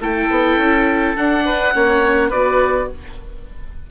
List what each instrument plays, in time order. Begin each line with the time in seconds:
0.00 bassoon A3, viola E4, oboe A4 G5
0.30 bassoon B3
0.57 bassoon C#4
1.16 viola D4, bassoon D4, oboe F#5
1.45 oboe B4
1.73 bassoon A#3, viola C#4, oboe C#5
2.29 bassoon B3, viola F#4, oboe B4 D5